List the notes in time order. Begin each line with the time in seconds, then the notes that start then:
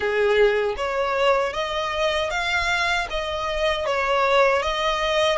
0.00 G#4
0.77 C#5
1.53 D#5
2.30 F5
3.09 D#5
3.85 C#5
4.62 D#5